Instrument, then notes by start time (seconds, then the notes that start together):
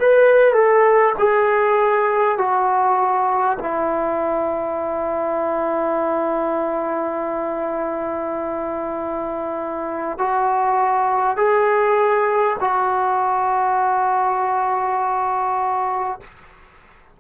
trombone
0.00 B4
0.53 A4
1.18 G#4
2.38 F#4
3.59 E4
10.18 F#4
11.36 G#4
12.60 F#4